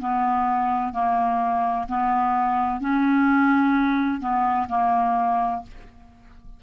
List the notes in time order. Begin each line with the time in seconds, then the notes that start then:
0.00 B3
0.93 A#3
1.88 B3
2.81 C#4
4.21 B3
4.69 A#3